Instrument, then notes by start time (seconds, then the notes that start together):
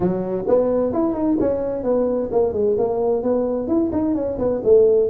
tuba
0.00 F#3
0.47 B3
0.93 E4
1.13 D#4
1.40 C#4
1.83 B3
2.31 A#3
2.53 G#3
2.77 A#3
3.22 B3
3.67 E4
3.91 D#4
4.14 C#4
4.38 B3
4.64 A3